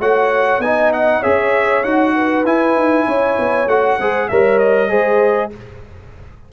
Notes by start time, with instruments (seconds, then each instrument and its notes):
0.00 tuba A3, trombone F#4, horn C#5, trumpet F#5
0.59 tuba B3, trombone D#4, horn D#5, trumpet G#5
0.93 trumpet F#5
1.20 tuba C#4, trombone G#4, horn C#5, trumpet E5
1.84 tuba D#4, trombone F#4, trumpet F#5
2.16 horn B4
2.45 tuba E4, trombone E4, trumpet G#5
2.76 tuba D#4
3.07 tuba C#4, horn C#5
3.39 tuba B3
3.67 tuba A3, trombone F#4, trumpet F#5
3.99 tuba G#3, trombone G#4, horn C5
4.28 tuba G3, trombone A#4, horn C#5, trumpet E5
4.59 trumpet D#5
4.89 tuba G#3, trombone G#4, horn C5